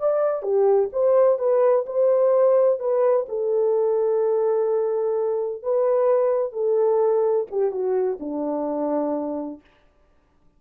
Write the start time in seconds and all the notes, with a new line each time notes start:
0.00 D5
0.43 G4
0.93 C5
1.39 B4
1.87 C5
2.80 B4
3.29 A4
5.63 B4
6.53 A4
7.51 G4
7.72 F#4
8.20 D4